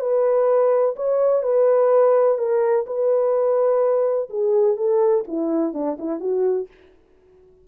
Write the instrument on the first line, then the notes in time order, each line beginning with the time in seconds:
horn
0.00 B4
0.96 C#5
1.42 B4
2.38 A#4
2.86 B4
4.29 G#4
4.77 A4
5.27 E4
5.73 D4
5.99 E4
6.20 F#4